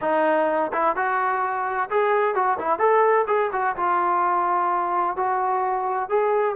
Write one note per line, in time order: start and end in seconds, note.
0.01 0.71 D#4
0.73 0.95 E4
0.95 1.89 F#4
1.90 2.34 G#4
2.34 2.58 F#4
2.59 2.78 E4
2.78 3.25 A4
3.27 3.50 G#4
3.52 3.75 F#4
3.76 5.16 F4
5.16 6.09 F#4
6.09 6.55 G#4